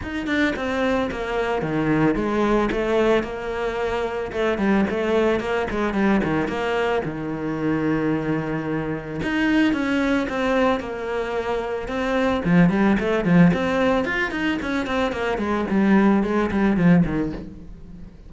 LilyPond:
\new Staff \with { instrumentName = "cello" } { \time 4/4 \tempo 4 = 111 dis'8 d'8 c'4 ais4 dis4 | gis4 a4 ais2 | a8 g8 a4 ais8 gis8 g8 dis8 | ais4 dis2.~ |
dis4 dis'4 cis'4 c'4 | ais2 c'4 f8 g8 | a8 f8 c'4 f'8 dis'8 cis'8 c'8 | ais8 gis8 g4 gis8 g8 f8 dis8 | }